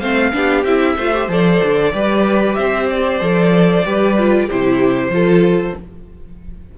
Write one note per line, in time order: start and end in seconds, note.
0.00 0.33 A3
0.00 0.33 C4
0.00 0.33 C5
0.00 0.64 F5
0.33 0.64 B3
0.33 0.64 D4
0.33 0.96 G4
0.64 0.96 C4
0.64 0.99 E4
0.64 1.28 E5
0.96 1.28 A3
0.96 1.14 F4
0.96 1.92 C5
1.14 1.29 G4
1.28 1.60 F3
1.28 1.93 A4
1.28 2.55 D5
1.64 1.93 D3
1.93 2.57 G3
1.93 3.20 G4
1.93 2.57 B4
2.55 3.21 C4
2.55 3.87 C5
2.55 2.87 E5
2.90 4.50 D5
3.20 3.85 F3
3.20 3.84 A4
3.86 4.50 G3
3.86 4.17 G4
3.86 4.47 B4
4.18 4.50 F4
4.47 5.09 C3
4.47 5.12 E4
4.47 5.11 G4
4.47 5.78 C5
5.09 5.72 F3
5.09 5.76 F4
5.09 5.78 A4